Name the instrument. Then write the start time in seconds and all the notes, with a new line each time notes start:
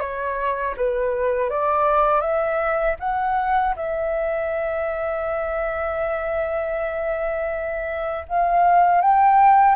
flute
0.00 C#5
0.77 B4
1.50 D5
2.21 E5
3.00 F#5
3.76 E5
8.28 F5
9.01 G5